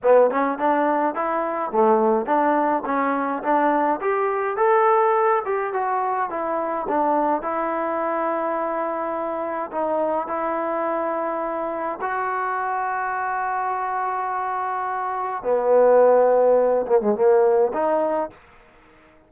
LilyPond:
\new Staff \with { instrumentName = "trombone" } { \time 4/4 \tempo 4 = 105 b8 cis'8 d'4 e'4 a4 | d'4 cis'4 d'4 g'4 | a'4. g'8 fis'4 e'4 | d'4 e'2.~ |
e'4 dis'4 e'2~ | e'4 fis'2.~ | fis'2. b4~ | b4. ais16 gis16 ais4 dis'4 | }